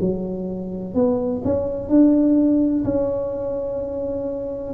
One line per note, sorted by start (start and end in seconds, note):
0.00 0.94 F#3
0.94 1.42 B3
1.44 1.88 C#4
1.88 2.84 D4
2.84 4.73 C#4